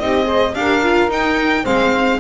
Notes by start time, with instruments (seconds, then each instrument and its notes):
0.00 double bass C4, viola D#4, saxophone G4, violin D#5
0.23 viola G#4, saxophone C5
0.55 double bass D4, viola G4, saxophone A#4, violin F5
0.83 viola F4
1.10 double bass D#4, viola D#4, violin G5
1.64 double bass G#3, viola C4, saxophone C5, violin F5